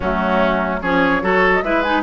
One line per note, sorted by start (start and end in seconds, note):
0.00 0.82 F#3
0.00 0.82 A3
0.00 0.80 C#4
0.00 0.80 F#4
0.80 1.22 F3
0.80 1.21 C#4
0.80 1.22 G#4
0.80 1.52 C#5
1.21 1.62 F#3
1.21 1.62 F#4
1.21 1.64 A4
1.53 1.63 D#5
1.62 2.03 G#3
1.62 1.84 E4
1.62 2.03 B4
1.62 1.83 E5
1.83 2.03 D#4
1.83 2.03 G#5